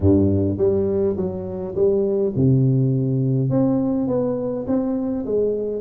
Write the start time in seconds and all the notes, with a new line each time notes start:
0.00 G2
0.57 G3
1.16 F#3
1.75 G3
2.35 C3
3.50 C4
4.07 B3
4.67 C4
5.25 G#3